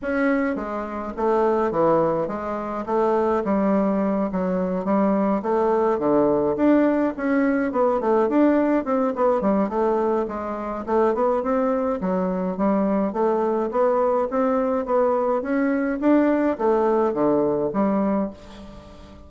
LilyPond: \new Staff \with { instrumentName = "bassoon" } { \time 4/4 \tempo 4 = 105 cis'4 gis4 a4 e4 | gis4 a4 g4. fis8~ | fis8 g4 a4 d4 d'8~ | d'8 cis'4 b8 a8 d'4 c'8 |
b8 g8 a4 gis4 a8 b8 | c'4 fis4 g4 a4 | b4 c'4 b4 cis'4 | d'4 a4 d4 g4 | }